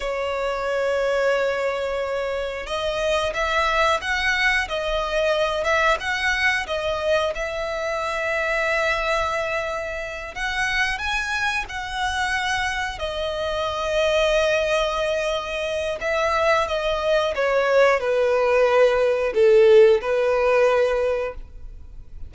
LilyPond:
\new Staff \with { instrumentName = "violin" } { \time 4/4 \tempo 4 = 90 cis''1 | dis''4 e''4 fis''4 dis''4~ | dis''8 e''8 fis''4 dis''4 e''4~ | e''2.~ e''8 fis''8~ |
fis''8 gis''4 fis''2 dis''8~ | dis''1 | e''4 dis''4 cis''4 b'4~ | b'4 a'4 b'2 | }